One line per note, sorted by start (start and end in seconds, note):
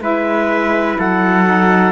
0.00 0.97 G#3
0.00 1.45 E4
0.00 0.99 B4
0.00 0.99 E5
0.99 1.91 F#3
0.99 1.91 A4
0.99 1.91 F#5
1.45 1.91 D#4